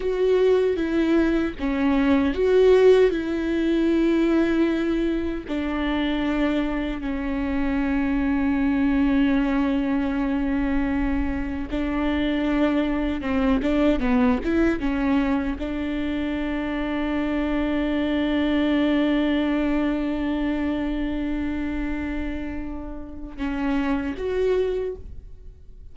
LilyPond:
\new Staff \with { instrumentName = "viola" } { \time 4/4 \tempo 4 = 77 fis'4 e'4 cis'4 fis'4 | e'2. d'4~ | d'4 cis'2.~ | cis'2. d'4~ |
d'4 c'8 d'8 b8 e'8 cis'4 | d'1~ | d'1~ | d'2 cis'4 fis'4 | }